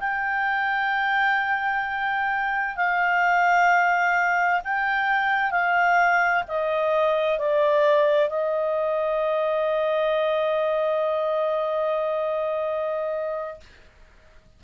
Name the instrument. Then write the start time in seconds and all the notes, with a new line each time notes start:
clarinet
0.00 G5
2.77 F5
4.64 G5
5.51 F5
6.48 D#5
7.39 D5
8.30 D#5